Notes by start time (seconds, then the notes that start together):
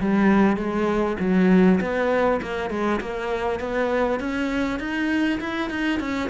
0.00 G3
0.56 G#3
1.19 F#3
1.81 B3
2.42 A#3
2.70 G#3
3.01 A#3
3.60 B3
4.19 C#4
4.79 D#4
5.40 E4
5.70 D#4
5.99 C#4